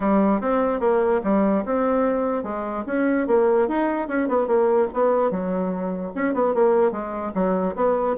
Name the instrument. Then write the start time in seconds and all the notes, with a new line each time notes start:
bassoon
0.00 G3
0.41 C4
0.79 A#3
1.23 G3
1.65 C4
2.43 G#3
2.86 C#4
3.27 A#3
3.68 D#4
4.08 C#4
4.28 B3
4.47 A#3
4.93 B3
5.30 F#3
6.15 C#4
6.34 B3
6.54 A#3
6.91 G#3
7.34 F#3
7.75 B3